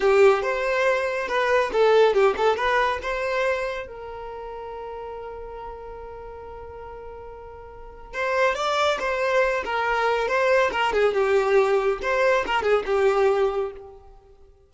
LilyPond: \new Staff \with { instrumentName = "violin" } { \time 4/4 \tempo 4 = 140 g'4 c''2 b'4 | a'4 g'8 a'8 b'4 c''4~ | c''4 ais'2.~ | ais'1~ |
ais'2. c''4 | d''4 c''4. ais'4. | c''4 ais'8 gis'8 g'2 | c''4 ais'8 gis'8 g'2 | }